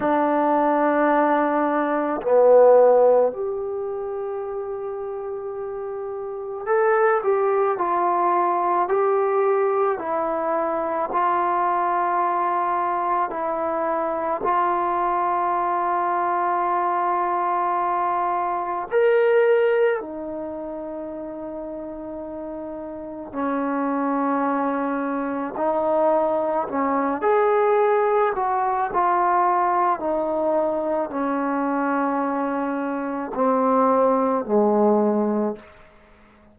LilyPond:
\new Staff \with { instrumentName = "trombone" } { \time 4/4 \tempo 4 = 54 d'2 b4 g'4~ | g'2 a'8 g'8 f'4 | g'4 e'4 f'2 | e'4 f'2.~ |
f'4 ais'4 dis'2~ | dis'4 cis'2 dis'4 | cis'8 gis'4 fis'8 f'4 dis'4 | cis'2 c'4 gis4 | }